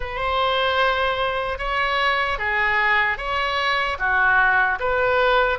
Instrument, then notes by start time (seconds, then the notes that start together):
oboe
0.00 C5
1.58 C#5
2.38 G#4
3.17 C#5
3.98 F#4
4.79 B4